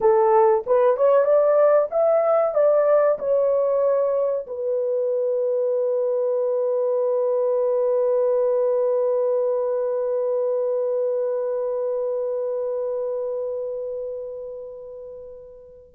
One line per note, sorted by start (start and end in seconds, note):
0.00 0.64 A4
0.66 0.96 B4
0.96 1.24 C#5
1.24 1.88 D5
1.91 2.54 E5
2.54 3.18 D5
3.18 4.46 C#5
4.47 15.94 B4